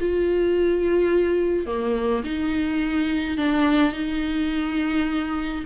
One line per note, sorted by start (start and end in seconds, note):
0.00 1.66 F4
1.66 2.23 A#3
2.24 3.37 D#4
3.37 3.93 D4
3.93 5.64 D#4